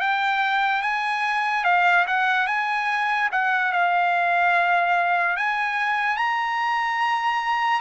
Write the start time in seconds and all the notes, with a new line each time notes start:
0.00 G5
0.82 G#5
1.64 F5
2.07 F#5
2.47 G#5
3.31 F#5
3.72 F5
5.36 G#5
6.16 A#5